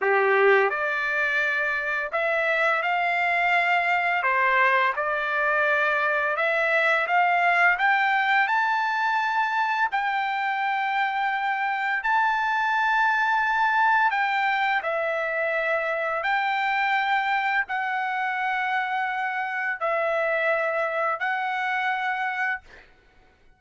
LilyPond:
\new Staff \with { instrumentName = "trumpet" } { \time 4/4 \tempo 4 = 85 g'4 d''2 e''4 | f''2 c''4 d''4~ | d''4 e''4 f''4 g''4 | a''2 g''2~ |
g''4 a''2. | g''4 e''2 g''4~ | g''4 fis''2. | e''2 fis''2 | }